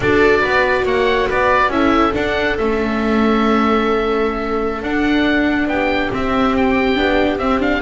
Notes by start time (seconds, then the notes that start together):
0.00 D4 F#4 A4 D5
0.40 B3 B4
0.85 A#3 C#5 F#5
1.28 B3 B4 D5
1.68 C#4 E4 A4 E5
2.13 D4 F#5
2.57 A3 C#4 E5
4.82 D4 F#5
5.67 B3 G4 G5
6.11 C4 E5
6.56 G5
6.95 B3 D4
7.38 C4 E5
7.59 D4 F5